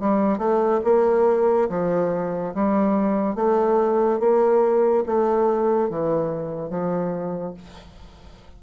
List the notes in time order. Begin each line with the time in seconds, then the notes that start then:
0.00 G3
0.38 A3
0.84 A#3
1.69 F3
2.54 G3
3.35 A3
4.20 A#3
5.06 A3
5.90 E3
6.70 F3